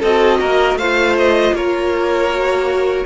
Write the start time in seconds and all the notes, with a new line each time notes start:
0.00 C4 F#4 A4 D#5
0.40 A#3 A#4
0.75 A3 C5 F5
0.82 F4
1.18 D#5
1.53 A#3 A#4 C#5
2.29 F#4